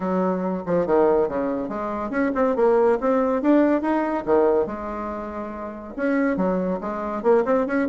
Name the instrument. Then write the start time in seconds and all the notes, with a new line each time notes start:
bassoon
0.00 F#3
0.66 F3
0.86 D#3
1.28 C#3
1.68 G#3
2.10 C#4
2.34 C4
2.56 A#3
3.00 C4
3.42 D4
3.81 D#4
4.25 D#3
4.66 G#3
5.96 C#4
6.36 F#3
6.80 G#3
7.22 A#3
7.45 C4
7.67 C#4